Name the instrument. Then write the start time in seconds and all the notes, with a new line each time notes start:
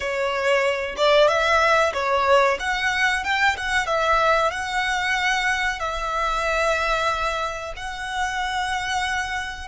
violin
0.00 C#5
0.96 D5
1.28 E5
1.93 C#5
2.59 F#5
3.24 G5
3.57 F#5
3.86 E5
4.50 F#5
5.79 E5
7.76 F#5